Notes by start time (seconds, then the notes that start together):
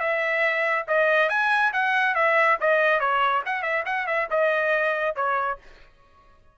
0.00 E5
0.88 D#5
1.30 G#5
1.73 F#5
2.15 E5
2.61 D#5
3.00 C#5
3.46 F#5
3.62 E5
3.86 F#5
4.07 E5
4.31 D#5
5.16 C#5